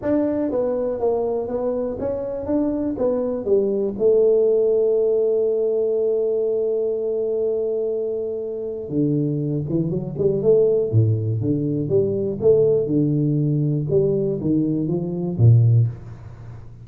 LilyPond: \new Staff \with { instrumentName = "tuba" } { \time 4/4 \tempo 4 = 121 d'4 b4 ais4 b4 | cis'4 d'4 b4 g4 | a1~ | a1~ |
a2 d4. e8 | fis8 g8 a4 a,4 d4 | g4 a4 d2 | g4 dis4 f4 ais,4 | }